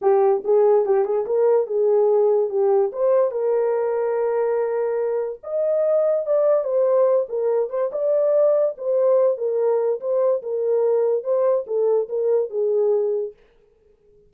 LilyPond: \new Staff \with { instrumentName = "horn" } { \time 4/4 \tempo 4 = 144 g'4 gis'4 g'8 gis'8 ais'4 | gis'2 g'4 c''4 | ais'1~ | ais'4 dis''2 d''4 |
c''4. ais'4 c''8 d''4~ | d''4 c''4. ais'4. | c''4 ais'2 c''4 | a'4 ais'4 gis'2 | }